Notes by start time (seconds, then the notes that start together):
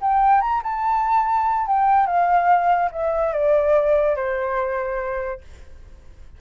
0.00 G5
0.41 A#5
0.62 A5
1.66 G5
2.06 F5
2.91 E5
3.32 D5
4.16 C5